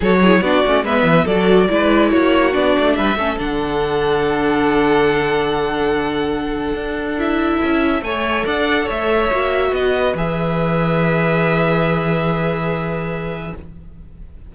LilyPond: <<
  \new Staff \with { instrumentName = "violin" } { \time 4/4 \tempo 4 = 142 cis''4 d''4 e''4 d''4~ | d''4 cis''4 d''4 e''4 | fis''1~ | fis''1~ |
fis''4 e''2 gis''4 | fis''4 e''2 dis''4 | e''1~ | e''1 | }
  \new Staff \with { instrumentName = "violin" } { \time 4/4 a'8 gis'8 fis'4 b'4 a'4 | b'4 fis'2 b'8 a'8~ | a'1~ | a'1~ |
a'2. cis''4 | d''4 cis''2 b'4~ | b'1~ | b'1 | }
  \new Staff \with { instrumentName = "viola" } { \time 4/4 fis'8 e'8 d'8 cis'8 b4 fis'4 | e'2 d'4. cis'8 | d'1~ | d'1~ |
d'4 e'2 a'4~ | a'2 fis'2 | gis'1~ | gis'1 | }
  \new Staff \with { instrumentName = "cello" } { \time 4/4 fis4 b8 a8 gis8 e8 fis4 | gis4 ais4 b8 a8 g8 a8 | d1~ | d1 |
d'2 cis'4 a4 | d'4 a4 ais4 b4 | e1~ | e1 | }
>>